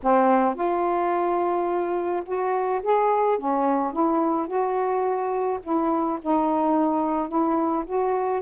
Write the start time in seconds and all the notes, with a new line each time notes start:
0.03 C4
0.55 F4
2.25 F#4
2.82 G#4
3.38 C#4
3.93 E4
4.47 F#4
5.63 E4
6.21 D#4
7.28 E4
7.86 F#4